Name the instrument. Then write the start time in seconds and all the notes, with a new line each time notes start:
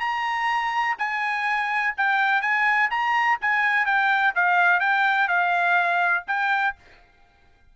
trumpet
0.00 A#5
0.98 G#5
1.97 G5
2.42 G#5
2.91 A#5
3.41 G#5
3.85 G5
4.35 F5
4.80 G5
5.28 F5
6.27 G5